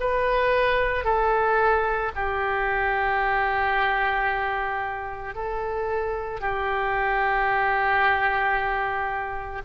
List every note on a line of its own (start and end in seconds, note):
0.00 1.04 B4
1.04 2.11 A4
2.15 5.35 G4
5.35 6.40 A4
6.40 9.62 G4